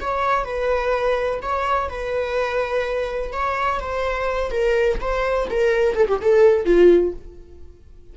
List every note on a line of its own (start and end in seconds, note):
0.00 0.44 C#5
0.44 1.40 B4
1.42 1.89 C#5
1.89 3.32 B4
3.32 3.80 C#5
3.80 4.50 C5
4.50 4.98 A#4
5.00 5.48 C5
5.49 5.95 A#4
5.95 6.07 A4
6.07 6.19 G4
6.21 6.65 A4
6.65 7.13 F4